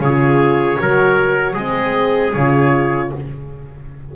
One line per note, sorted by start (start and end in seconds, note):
0.00 0.78 C#3
0.00 0.78 F4
0.00 0.82 G#4
0.00 1.57 C#5
0.78 1.56 F#3
0.78 1.56 F#4
0.78 1.54 A#4
1.54 2.34 G#3
1.54 2.36 C4
1.54 3.10 G#4
1.54 2.33 D#5
2.33 3.12 C#3
2.33 3.16 F4
2.33 3.11 C#5